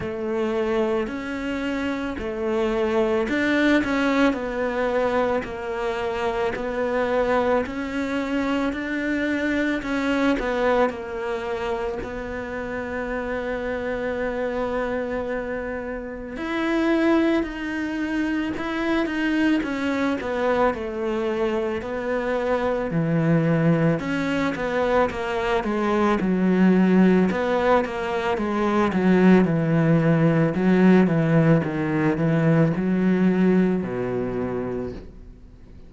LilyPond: \new Staff \with { instrumentName = "cello" } { \time 4/4 \tempo 4 = 55 a4 cis'4 a4 d'8 cis'8 | b4 ais4 b4 cis'4 | d'4 cis'8 b8 ais4 b4~ | b2. e'4 |
dis'4 e'8 dis'8 cis'8 b8 a4 | b4 e4 cis'8 b8 ais8 gis8 | fis4 b8 ais8 gis8 fis8 e4 | fis8 e8 dis8 e8 fis4 b,4 | }